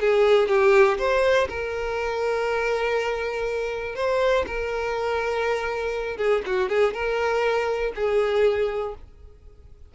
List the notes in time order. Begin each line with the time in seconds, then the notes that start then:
0.00 G#4
0.48 G4
0.98 C5
1.49 A#4
3.95 C5
4.46 A#4
6.17 G#4
6.46 F#4
6.69 G#4
6.93 A#4
7.95 G#4